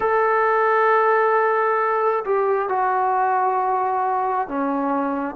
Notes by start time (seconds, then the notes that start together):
0.00 A4
2.24 G4
2.69 F#4
4.48 C#4